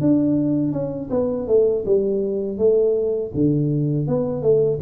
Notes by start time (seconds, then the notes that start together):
0.00 D4
0.72 C#4
1.10 B3
1.47 A3
1.85 G3
2.58 A3
3.34 D3
4.07 B3
4.42 A3